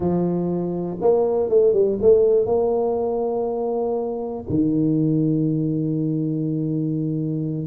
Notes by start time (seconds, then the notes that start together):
0.00 F3
1.01 A#3
1.49 A3
1.73 G3
2.01 A3
2.46 A#3
4.49 D#3